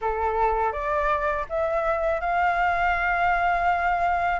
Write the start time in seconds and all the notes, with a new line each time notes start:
0.01 A4
0.72 D5
1.49 E5
2.20 F5